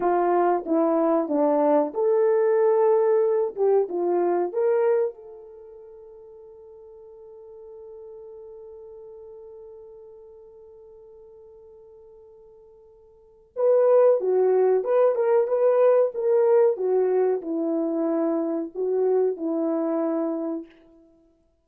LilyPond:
\new Staff \with { instrumentName = "horn" } { \time 4/4 \tempo 4 = 93 f'4 e'4 d'4 a'4~ | a'4. g'8 f'4 ais'4 | a'1~ | a'1~ |
a'1~ | a'4 b'4 fis'4 b'8 ais'8 | b'4 ais'4 fis'4 e'4~ | e'4 fis'4 e'2 | }